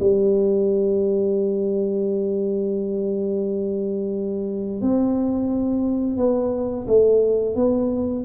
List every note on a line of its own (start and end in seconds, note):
0.00 4.82 G3
4.82 6.17 C4
6.17 6.86 B3
6.87 7.55 A3
7.55 8.24 B3